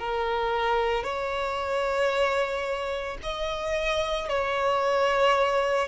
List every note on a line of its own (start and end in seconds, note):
0.00 1.04 A#4
1.04 3.19 C#5
3.23 4.30 D#5
4.30 5.89 C#5